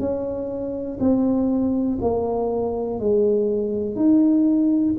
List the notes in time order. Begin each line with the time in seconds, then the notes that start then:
0.00 C#4
1.00 C4
2.02 A#3
3.00 G#3
3.96 D#4